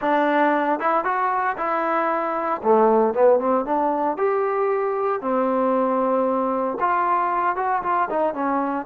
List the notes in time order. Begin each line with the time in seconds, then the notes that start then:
0.01 D4
0.79 E4
1.04 F#4
1.57 E4
2.63 A3
3.14 B3
3.39 C4
3.65 D4
4.17 G4
5.21 C4
6.80 F4
7.56 F#4
7.83 F4
8.09 D#4
8.34 C#4